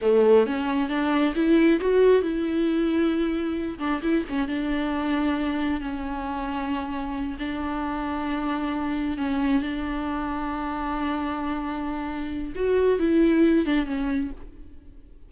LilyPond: \new Staff \with { instrumentName = "viola" } { \time 4/4 \tempo 4 = 134 a4 cis'4 d'4 e'4 | fis'4 e'2.~ | e'8 d'8 e'8 cis'8 d'2~ | d'4 cis'2.~ |
cis'8 d'2.~ d'8~ | d'8 cis'4 d'2~ d'8~ | d'1 | fis'4 e'4. d'8 cis'4 | }